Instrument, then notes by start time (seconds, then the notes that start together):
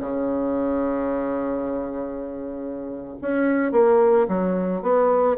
bassoon
0.00 C#3
3.21 C#4
3.72 A#3
4.28 F#3
4.82 B3